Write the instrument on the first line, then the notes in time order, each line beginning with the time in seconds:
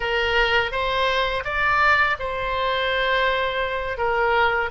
oboe
0.00 A#4
0.71 C5
1.44 D5
2.19 C5
3.97 A#4